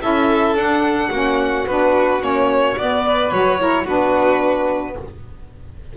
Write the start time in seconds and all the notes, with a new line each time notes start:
0.00 C#4 E4 A4 E5
0.54 D4 F#5
1.09 A#3 C#4 F#4
1.67 B3 D4 B4
2.19 A#3 C#4 C#5
2.77 B3 D5
3.06 B4
3.31 F#3 F#4 C#5
3.58 E4 A#4
3.83 B3 D4 F#4 B4